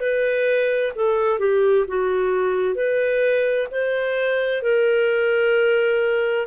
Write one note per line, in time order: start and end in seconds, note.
0.00 0.92 B4
0.95 1.39 A4
1.39 1.85 G4
1.88 2.74 F#4
2.74 3.67 B4
3.70 4.62 C5
4.62 6.46 A#4